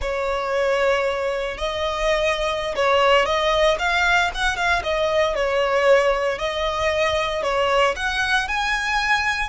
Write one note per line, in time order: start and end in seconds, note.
0.01 1.57 C#5
1.57 2.75 D#5
2.75 3.25 C#5
3.25 3.77 D#5
3.78 4.30 F5
4.34 4.56 F#5
4.56 4.82 F5
4.83 5.35 D#5
5.35 6.38 C#5
6.38 7.42 D#5
7.43 7.95 C#5
7.96 8.48 F#5
8.48 9.49 G#5